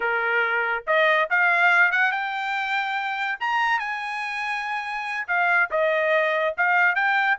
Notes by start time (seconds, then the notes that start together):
0.00 A#4
0.86 D#5
1.29 F5
1.91 F#5
2.11 G5
3.40 A#5
3.79 G#5
5.27 F5
5.70 D#5
6.57 F5
6.95 G5